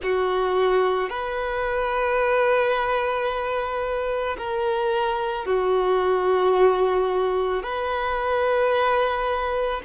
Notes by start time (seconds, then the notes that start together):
0.02 F#4
1.09 B4
4.37 A#4
5.45 F#4
7.63 B4